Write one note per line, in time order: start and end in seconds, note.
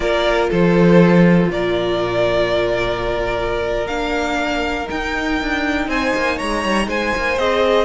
0.00 0.49 A#3
0.00 3.86 F4
0.00 0.50 A#4
0.00 0.45 D5
0.50 1.49 F3
0.50 1.50 A4
0.50 1.50 C5
1.49 3.86 A#2
1.49 5.88 A#4
1.49 3.87 D5
3.87 4.88 A#3
3.87 4.84 D4
3.87 4.87 F5
4.84 7.34 D#4
4.84 5.89 G5
4.91 5.41 D#4
5.41 5.87 D4
5.87 6.12 C4
5.87 6.36 C5
5.87 6.38 G#5
6.15 6.40 A#3
6.36 6.64 G#3
6.36 6.86 C#5
6.36 6.88 A#5
6.64 6.87 G3
6.87 7.12 G#3
6.87 7.85 C5
6.87 7.38 G#5
7.17 7.38 A#3
7.37 7.85 C4
7.37 7.85 G#4
7.37 7.85 D#5